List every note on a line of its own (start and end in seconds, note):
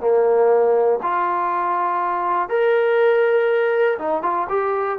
0.00 0.99 A#3
1.02 2.49 F4
2.49 3.98 A#4
3.98 4.22 D#4
4.22 4.47 F4
4.49 4.98 G4